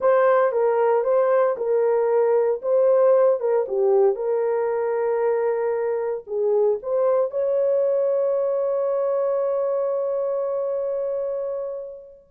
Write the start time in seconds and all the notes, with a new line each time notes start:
0.00 C5
0.52 A#4
1.04 C5
1.57 A#4
2.62 C5
3.40 A#4
3.68 G4
4.15 A#4
6.26 G#4
6.82 C5
7.30 C#5